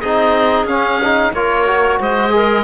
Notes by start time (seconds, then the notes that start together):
0.00 C4 D#4 G#4 D#5
0.64 C#4 F5
1.02 D#4
1.33 A#3 F4 A#4 C#5
1.66 F#4
2.00 G#3 C5 D#5
2.30 G#4 A#4